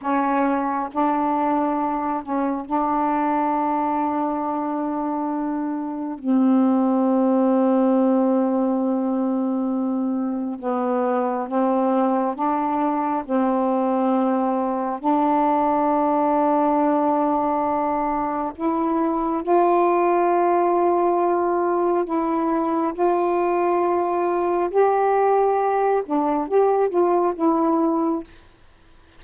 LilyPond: \new Staff \with { instrumentName = "saxophone" } { \time 4/4 \tempo 4 = 68 cis'4 d'4. cis'8 d'4~ | d'2. c'4~ | c'1 | b4 c'4 d'4 c'4~ |
c'4 d'2.~ | d'4 e'4 f'2~ | f'4 e'4 f'2 | g'4. d'8 g'8 f'8 e'4 | }